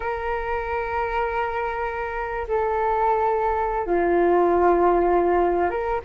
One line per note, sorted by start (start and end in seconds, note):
0.00 2.47 A#4
2.47 3.86 A4
3.86 5.70 F4
5.70 6.01 A#4